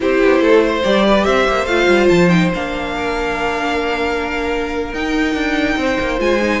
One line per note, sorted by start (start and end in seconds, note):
0.00 0.23 C4
0.00 0.81 E4
0.00 0.42 G4
0.00 0.83 C5
0.23 0.40 B3
0.40 0.82 A3
0.40 0.63 A4
0.63 1.05 C5
0.83 1.26 G3
0.83 1.67 G4
0.83 1.24 D5
1.06 1.26 B4
1.24 1.47 C4
1.24 2.94 C5
1.24 1.65 E5
1.47 1.66 A#3
1.65 1.87 A3
1.65 2.29 F4
1.65 2.07 F5
1.87 2.08 G3
2.09 2.53 F3
2.09 2.29 A5
2.29 2.50 D#4
2.29 2.50 G5
2.54 4.92 A#3
2.54 4.94 D4
2.54 4.93 F5
2.96 5.79 A#4
4.92 5.34 D#4
4.92 6.18 D#4
4.92 6.19 G5
5.34 5.76 D4
5.76 5.97 C4
5.76 6.60 C5
6.00 6.19 A#3
6.18 6.60 G#3
6.18 6.39 F4
6.18 6.60 G#5
6.41 6.60 D#4